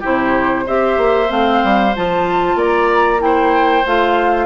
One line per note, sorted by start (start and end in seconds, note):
0.00 0.68 C3
0.00 0.66 E4
0.00 0.64 G4
0.00 0.68 C5
0.66 0.97 C4
0.66 1.28 G4
0.66 2.57 C5
0.66 1.31 E5
0.97 1.29 A#3
1.28 1.62 A3
1.28 1.91 C4
1.28 1.94 F5
1.64 1.95 G3
1.96 2.55 F3
1.96 3.19 F4
1.96 2.60 A5
2.55 3.83 A#3
2.55 3.20 D5
2.55 3.22 A#5
3.19 3.83 E4
3.19 4.46 C5
3.19 3.85 G5
3.86 4.46 A3
3.86 4.46 F4
3.86 4.46 F5